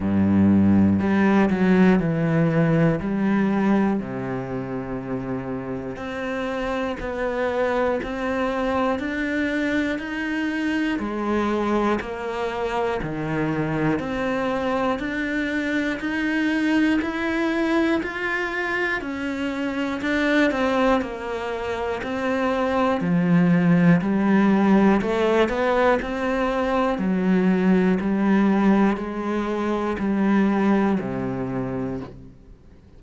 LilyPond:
\new Staff \with { instrumentName = "cello" } { \time 4/4 \tempo 4 = 60 g,4 g8 fis8 e4 g4 | c2 c'4 b4 | c'4 d'4 dis'4 gis4 | ais4 dis4 c'4 d'4 |
dis'4 e'4 f'4 cis'4 | d'8 c'8 ais4 c'4 f4 | g4 a8 b8 c'4 fis4 | g4 gis4 g4 c4 | }